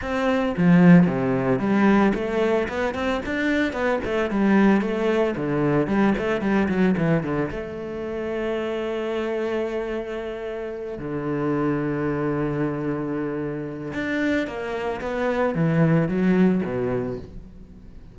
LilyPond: \new Staff \with { instrumentName = "cello" } { \time 4/4 \tempo 4 = 112 c'4 f4 c4 g4 | a4 b8 c'8 d'4 b8 a8 | g4 a4 d4 g8 a8 | g8 fis8 e8 d8 a2~ |
a1~ | a8 d2.~ d8~ | d2 d'4 ais4 | b4 e4 fis4 b,4 | }